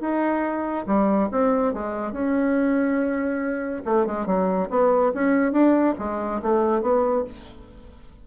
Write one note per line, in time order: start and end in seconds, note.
0.00 0.85 D#4
0.86 1.29 G3
1.31 1.73 C4
1.73 2.12 G#3
2.12 3.82 C#4
3.85 4.06 A3
4.06 4.26 G#3
4.26 4.69 F#3
4.70 5.12 B3
5.14 5.52 C#4
5.52 5.94 D4
5.98 6.41 G#3
6.42 6.82 A3
6.82 7.24 B3